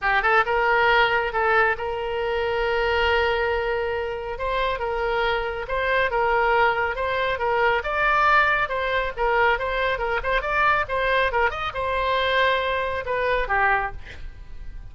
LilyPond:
\new Staff \with { instrumentName = "oboe" } { \time 4/4 \tempo 4 = 138 g'8 a'8 ais'2 a'4 | ais'1~ | ais'2 c''4 ais'4~ | ais'4 c''4 ais'2 |
c''4 ais'4 d''2 | c''4 ais'4 c''4 ais'8 c''8 | d''4 c''4 ais'8 dis''8 c''4~ | c''2 b'4 g'4 | }